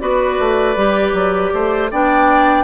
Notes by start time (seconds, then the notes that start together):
0.00 B3 F#4 B4 D5
0.40 A3
0.77 G3 G4
1.14 F#3
1.54 A3 C5
1.91 B3 D4 D5 G5